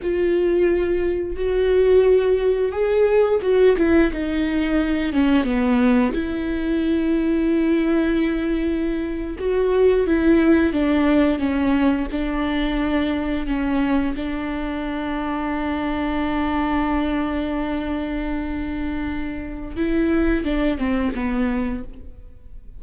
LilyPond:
\new Staff \with { instrumentName = "viola" } { \time 4/4 \tempo 4 = 88 f'2 fis'2 | gis'4 fis'8 e'8 dis'4. cis'8 | b4 e'2.~ | e'4.~ e'16 fis'4 e'4 d'16~ |
d'8. cis'4 d'2 cis'16~ | cis'8. d'2.~ d'16~ | d'1~ | d'4 e'4 d'8 c'8 b4 | }